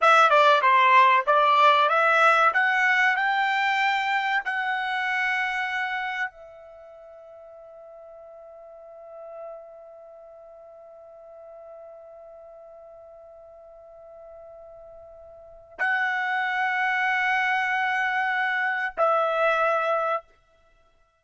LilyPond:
\new Staff \with { instrumentName = "trumpet" } { \time 4/4 \tempo 4 = 95 e''8 d''8 c''4 d''4 e''4 | fis''4 g''2 fis''4~ | fis''2 e''2~ | e''1~ |
e''1~ | e''1~ | e''4 fis''2.~ | fis''2 e''2 | }